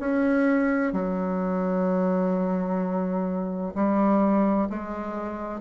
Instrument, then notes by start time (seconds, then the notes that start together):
bassoon
0.00 C#4
0.93 F#3
3.75 G3
4.70 G#3